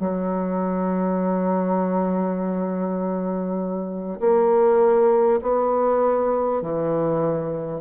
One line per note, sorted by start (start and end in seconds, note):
0.00 4.20 F#3
4.21 5.41 A#3
5.42 6.62 B3
6.62 7.81 E3